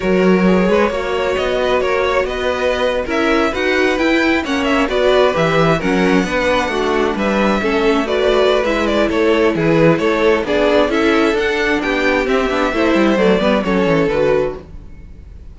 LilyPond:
<<
  \new Staff \with { instrumentName = "violin" } { \time 4/4 \tempo 4 = 132 cis''2. dis''4 | cis''4 dis''4.~ dis''16 e''4 fis''16~ | fis''8. g''4 fis''8 e''8 d''4 e''16~ | e''8. fis''2. e''16~ |
e''4.~ e''16 d''4~ d''16 e''8 d''8 | cis''4 b'4 cis''4 d''4 | e''4 fis''4 g''4 e''4~ | e''4 d''4 cis''4 b'4 | }
  \new Staff \with { instrumentName = "violin" } { \time 4/4 ais'4. b'8 cis''4. b'8 | ais'8 cis''8 b'4.~ b'16 ais'4 b'16~ | b'4.~ b'16 cis''4 b'4~ b'16~ | b'8. ais'4 b'4 fis'4 b'16~ |
b'8. a'4 b'2~ b'16 | a'4 gis'4 a'4 gis'4 | a'2 g'2 | c''4. b'8 a'2 | }
  \new Staff \with { instrumentName = "viola" } { \time 4/4 fis'4 gis'4 fis'2~ | fis'2~ fis'8. e'4 fis'16~ | fis'8. e'4 cis'4 fis'4 g'16~ | g'8. cis'4 d'2~ d'16~ |
d'8. cis'4 fis'4~ fis'16 e'4~ | e'2. d'4 | e'4 d'2 c'8 d'8 | e'4 a8 b8 cis'4 fis'4 | }
  \new Staff \with { instrumentName = "cello" } { \time 4/4 fis4. gis8 ais4 b4 | ais4 b4.~ b16 cis'4 dis'16~ | dis'8. e'4 ais4 b4 e16~ | e8. fis4 b4 a4 g16~ |
g8. a2~ a16 gis4 | a4 e4 a4 b4 | cis'4 d'4 b4 c'8 b8 | a8 g8 fis8 g8 fis8 e8 d4 | }
>>